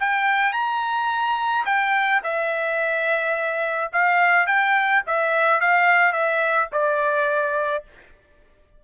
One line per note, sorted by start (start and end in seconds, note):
0.00 0.53 G5
0.53 1.65 A#5
1.65 2.21 G5
2.23 3.92 E5
3.93 4.47 F5
4.47 5.03 G5
5.06 5.61 E5
5.61 6.12 F5
6.12 6.69 E5
6.72 7.84 D5